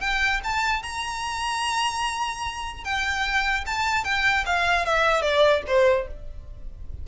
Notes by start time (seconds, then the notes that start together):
0.00 G5
0.44 A5
0.83 A#5
2.84 G5
3.66 A5
4.04 G5
4.46 F5
4.85 E5
5.22 D5
5.67 C5